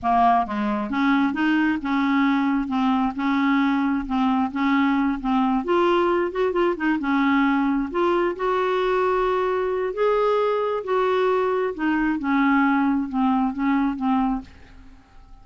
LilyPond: \new Staff \with { instrumentName = "clarinet" } { \time 4/4 \tempo 4 = 133 ais4 gis4 cis'4 dis'4 | cis'2 c'4 cis'4~ | cis'4 c'4 cis'4. c'8~ | c'8 f'4. fis'8 f'8 dis'8 cis'8~ |
cis'4. f'4 fis'4.~ | fis'2 gis'2 | fis'2 dis'4 cis'4~ | cis'4 c'4 cis'4 c'4 | }